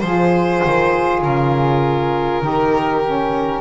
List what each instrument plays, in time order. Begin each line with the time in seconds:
0.00 double bass F3, saxophone F4, flute G#4, violin C5
0.65 double bass D#3
1.23 double bass C#3, violin A#4
2.42 double bass D#3, saxophone D#4, flute G4
3.05 saxophone C#4